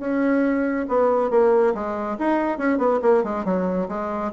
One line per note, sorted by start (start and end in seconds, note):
0.00 0.86 C#4
0.89 1.31 B3
1.31 1.74 A#3
1.75 2.18 G#3
2.19 2.58 D#4
2.58 2.79 C#4
2.79 3.00 B3
3.03 3.24 A#3
3.24 3.45 G#3
3.45 3.88 F#3
3.89 4.32 G#3